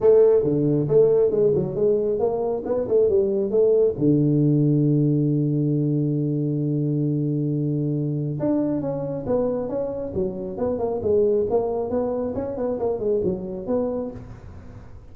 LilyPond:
\new Staff \with { instrumentName = "tuba" } { \time 4/4 \tempo 4 = 136 a4 d4 a4 gis8 fis8 | gis4 ais4 b8 a8 g4 | a4 d2.~ | d1~ |
d2. d'4 | cis'4 b4 cis'4 fis4 | b8 ais8 gis4 ais4 b4 | cis'8 b8 ais8 gis8 fis4 b4 | }